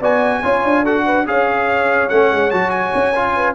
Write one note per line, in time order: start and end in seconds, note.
0.00 0.42 B3
0.00 0.43 F#4
0.00 0.42 D5
0.00 0.85 G#5
0.43 0.64 C#4
0.43 0.85 F4
0.43 0.83 C#5
0.64 1.26 D4
0.83 1.26 F#4
0.83 1.04 A4
0.83 1.27 F#5
1.05 1.26 B4
1.26 2.10 C#4
1.26 2.09 G#4
1.26 3.35 C#5
1.26 2.09 F5
2.09 2.31 A3
2.09 2.51 C#4
2.09 2.50 F#5
2.31 2.52 G#3
2.50 2.94 F#3
2.50 3.14 F#4
2.50 2.70 A5
2.70 3.53 G#5
2.94 3.55 C#4
3.15 3.55 F4
3.35 3.55 B4